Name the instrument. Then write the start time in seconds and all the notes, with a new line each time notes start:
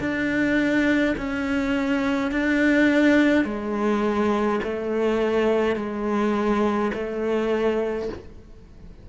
cello
0.00 D4
1.17 C#4
2.31 D4
3.45 G#3
4.64 A3
5.76 G#3
6.94 A3